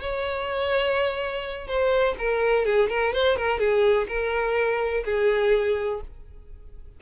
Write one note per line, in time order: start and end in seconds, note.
0.00 1.67 C#5
1.67 2.15 C5
2.18 2.65 A#4
2.65 2.89 G#4
2.89 3.13 A#4
3.13 3.36 C5
3.36 3.59 A#4
3.59 4.07 G#4
4.08 5.04 A#4
5.04 6.00 G#4